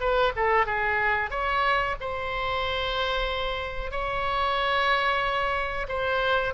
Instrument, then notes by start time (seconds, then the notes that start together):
oboe
0.00 B4
0.36 A4
0.66 G#4
1.30 C#5
2.00 C5
3.91 C#5
5.88 C5